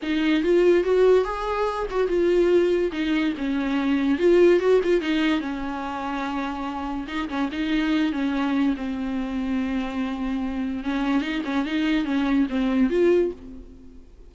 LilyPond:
\new Staff \with { instrumentName = "viola" } { \time 4/4 \tempo 4 = 144 dis'4 f'4 fis'4 gis'4~ | gis'8 fis'8 f'2 dis'4 | cis'2 f'4 fis'8 f'8 | dis'4 cis'2.~ |
cis'4 dis'8 cis'8 dis'4. cis'8~ | cis'4 c'2.~ | c'2 cis'4 dis'8 cis'8 | dis'4 cis'4 c'4 f'4 | }